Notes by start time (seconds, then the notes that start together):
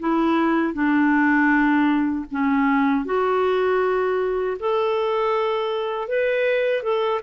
0.00 E4
0.74 D4
2.31 C#4
3.05 F#4
4.60 A4
6.08 B4
6.83 A4